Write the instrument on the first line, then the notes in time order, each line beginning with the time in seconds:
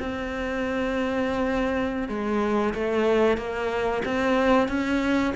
cello
0.00 C4
2.09 G#3
2.74 A3
3.37 A#3
4.05 C4
4.68 C#4